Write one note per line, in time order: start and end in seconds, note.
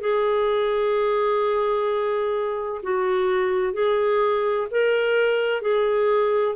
0.00 2.81 G#4
2.83 3.73 F#4
3.73 4.67 G#4
4.71 5.62 A#4
5.62 6.55 G#4